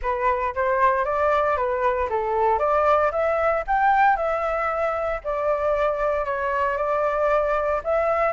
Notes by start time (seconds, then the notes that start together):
0.02 B4
0.55 C5
1.04 D5
1.56 B4
2.09 A4
2.58 D5
3.11 E5
3.67 G5
4.16 E5
5.24 D5
6.25 C#5
6.77 D5
7.84 E5